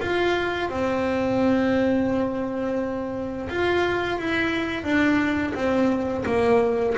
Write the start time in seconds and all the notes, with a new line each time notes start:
0.00 F4
0.69 C4
3.49 F4
4.19 E4
4.84 D4
5.54 C4
6.26 A#3